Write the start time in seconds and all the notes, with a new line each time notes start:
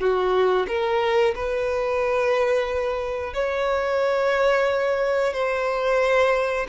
0.00 F#4
0.68 A#4
1.35 B4
3.34 C#5
5.33 C5